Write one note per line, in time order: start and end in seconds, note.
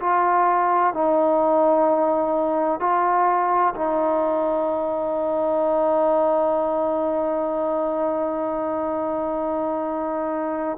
0.00 0.94 F4
0.94 2.80 D#4
2.80 3.74 F4
3.75 10.78 D#4